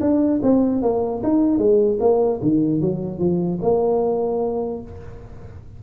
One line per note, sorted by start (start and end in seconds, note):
0.00 0.40 D4
0.42 0.82 C4
0.82 1.22 A#3
1.23 1.57 D#4
1.57 1.97 G#3
2.00 2.40 A#3
2.42 2.81 D#3
2.81 3.18 F#3
3.18 3.58 F3
3.61 4.81 A#3